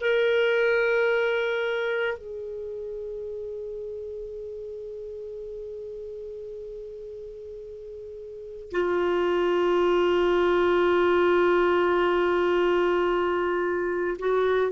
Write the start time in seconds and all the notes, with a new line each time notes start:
0.00 A#4
2.17 G#4
8.71 F4
14.19 F#4